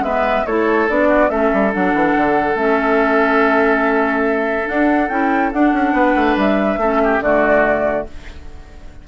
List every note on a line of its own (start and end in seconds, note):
0.00 0.42 G#3
0.00 0.46 B3
0.00 0.46 B4
0.00 0.46 E5
0.46 0.88 A3
0.46 0.88 E4
0.46 1.08 A4
0.46 0.88 C#5
0.88 1.30 B3
0.88 1.29 D4
0.88 1.30 D5
1.08 1.29 F#4
1.29 1.51 A3
1.29 1.71 C#4
1.29 5.94 A4
1.29 1.72 E5
1.53 1.74 G3
1.72 1.94 F#3
1.72 2.56 D4
1.72 2.57 F#5
1.94 2.15 E3
2.16 2.55 D3
2.55 4.66 A3
2.55 4.65 C#4
2.55 4.68 E5
4.65 5.07 D4
4.65 5.09 D4
4.65 5.08 F#5
5.08 5.51 C#4
5.08 5.52 E4
5.08 5.51 G5
5.52 5.73 D4
5.52 6.81 D4
5.52 6.37 F#5
5.73 5.93 C#4
5.93 6.14 B3
5.93 6.79 B4
6.15 6.36 A3
6.36 6.77 G3
6.36 7.22 E5
6.77 7.19 A3
6.77 7.22 C#4
6.77 7.02 A4
7.03 7.23 G4
7.20 8.05 D3
7.20 8.07 A3
7.20 8.08 F#4
7.20 8.06 D5